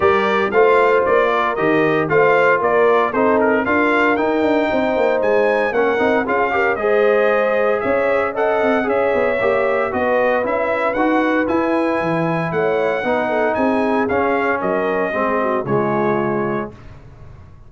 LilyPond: <<
  \new Staff \with { instrumentName = "trumpet" } { \time 4/4 \tempo 4 = 115 d''4 f''4 d''4 dis''4 | f''4 d''4 c''8 ais'8 f''4 | g''2 gis''4 fis''4 | f''4 dis''2 e''4 |
fis''4 e''2 dis''4 | e''4 fis''4 gis''2 | fis''2 gis''4 f''4 | dis''2 cis''2 | }
  \new Staff \with { instrumentName = "horn" } { \time 4/4 ais'4 c''4. ais'4. | c''4 ais'4 a'4 ais'4~ | ais'4 c''2 ais'4 | gis'8 ais'8 c''2 cis''4 |
dis''4 cis''2 b'4~ | b'1 | cis''4 b'8 a'8 gis'2 | ais'4 gis'8 fis'8 f'2 | }
  \new Staff \with { instrumentName = "trombone" } { \time 4/4 g'4 f'2 g'4 | f'2 dis'4 f'4 | dis'2. cis'8 dis'8 | f'8 g'8 gis'2. |
a'4 gis'4 g'4 fis'4 | e'4 fis'4 e'2~ | e'4 dis'2 cis'4~ | cis'4 c'4 gis2 | }
  \new Staff \with { instrumentName = "tuba" } { \time 4/4 g4 a4 ais4 dis4 | a4 ais4 c'4 d'4 | dis'8 d'8 c'8 ais8 gis4 ais8 c'8 | cis'4 gis2 cis'4~ |
cis'8 c'8 cis'8 b8 ais4 b4 | cis'4 dis'4 e'4 e4 | a4 b4 c'4 cis'4 | fis4 gis4 cis2 | }
>>